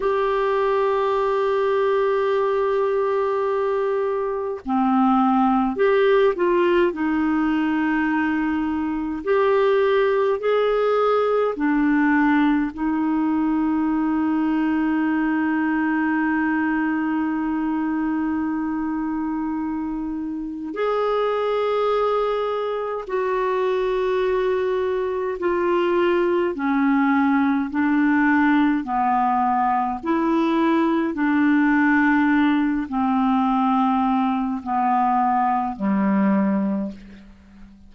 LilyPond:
\new Staff \with { instrumentName = "clarinet" } { \time 4/4 \tempo 4 = 52 g'1 | c'4 g'8 f'8 dis'2 | g'4 gis'4 d'4 dis'4~ | dis'1~ |
dis'2 gis'2 | fis'2 f'4 cis'4 | d'4 b4 e'4 d'4~ | d'8 c'4. b4 g4 | }